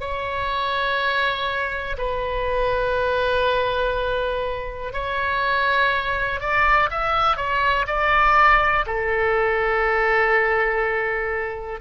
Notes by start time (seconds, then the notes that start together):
0.00 C#5
1.98 B4
4.93 C#5
6.40 D5
6.90 E5
7.36 C#5
7.87 D5
8.86 A4